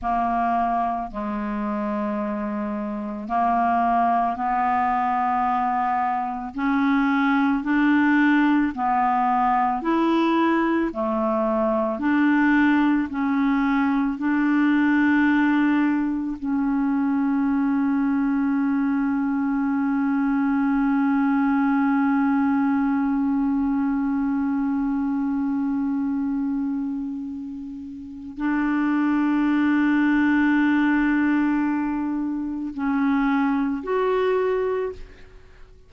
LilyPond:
\new Staff \with { instrumentName = "clarinet" } { \time 4/4 \tempo 4 = 55 ais4 gis2 ais4 | b2 cis'4 d'4 | b4 e'4 a4 d'4 | cis'4 d'2 cis'4~ |
cis'1~ | cis'1~ | cis'2 d'2~ | d'2 cis'4 fis'4 | }